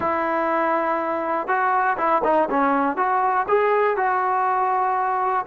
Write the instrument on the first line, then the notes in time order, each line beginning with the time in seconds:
trombone
0.00 E4
1.47 F#4
1.97 E4
2.24 D#4
2.50 C#4
2.96 F#4
3.48 G#4
3.96 F#4